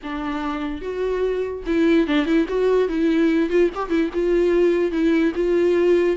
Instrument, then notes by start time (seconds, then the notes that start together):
viola
0.03 D4
0.81 F#4
1.66 E4
2.07 D4
2.25 E4
2.48 F#4
2.88 E4
3.49 F4
3.74 G4
3.89 E4
4.13 F4
4.91 E4
5.35 F4